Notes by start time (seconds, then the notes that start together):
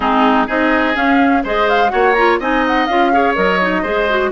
0.00 G#3 C4 D#4 G#4
0.46 C4 D#4 G#4 D#5
0.94 C#4 F5
1.43 G#3 G#4 C5 D#5
1.69 F5
1.88 A#3 F#4 C#5 F#5
2.13 F4 A#5
2.39 C4 D#4 D#5 G#5
2.67 F#5
2.86 C#4 F4 F5
3.12 G#4 C#5
3.35 F#3 A#4 D#5
3.61 D#4
3.82 G#3 G#4 C5
4.09 F#4